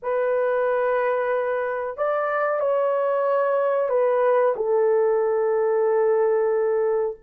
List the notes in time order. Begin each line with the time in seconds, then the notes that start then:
0.02 B4
1.97 D5
2.60 C#5
3.89 B4
4.56 A4